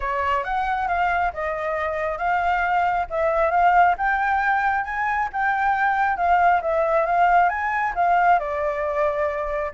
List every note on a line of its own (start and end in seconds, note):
0.00 0.44 C#5
0.44 0.87 F#5
0.87 1.32 F5
1.33 2.18 D#5
2.18 3.06 F5
3.10 3.51 E5
3.51 3.95 F5
3.97 4.84 G5
4.84 5.28 G#5
5.32 6.16 G5
6.16 6.61 F5
6.61 7.05 E5
7.06 7.49 F5
7.49 7.93 G#5
7.95 8.39 F5
8.39 9.71 D5